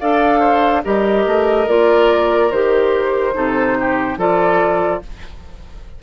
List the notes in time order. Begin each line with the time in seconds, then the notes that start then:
0.00 D4 A4 D5 F5
0.40 C5
0.84 G3 G4 A#4 D#5
1.26 A3
1.68 A#3 F4 D5
2.51 D#3 G4 C5
3.34 C3 D#4 A4
3.80 G4
4.18 F3 F4 A4 D5